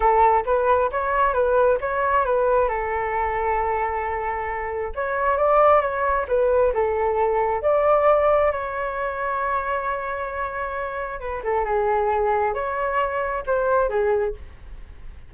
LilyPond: \new Staff \with { instrumentName = "flute" } { \time 4/4 \tempo 4 = 134 a'4 b'4 cis''4 b'4 | cis''4 b'4 a'2~ | a'2. cis''4 | d''4 cis''4 b'4 a'4~ |
a'4 d''2 cis''4~ | cis''1~ | cis''4 b'8 a'8 gis'2 | cis''2 c''4 gis'4 | }